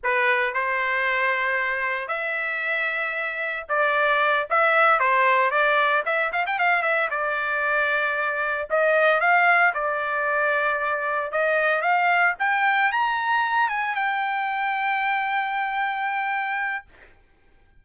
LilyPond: \new Staff \with { instrumentName = "trumpet" } { \time 4/4 \tempo 4 = 114 b'4 c''2. | e''2. d''4~ | d''8 e''4 c''4 d''4 e''8 | f''16 g''16 f''8 e''8 d''2~ d''8~ |
d''8 dis''4 f''4 d''4.~ | d''4. dis''4 f''4 g''8~ | g''8 ais''4. gis''8 g''4.~ | g''1 | }